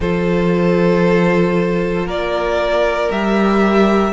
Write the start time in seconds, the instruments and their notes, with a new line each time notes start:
0.00 cello F3, viola F4, violin A4 C5
2.05 cello A#3, violin A#4 D5
3.10 cello G3, viola G4, violin E5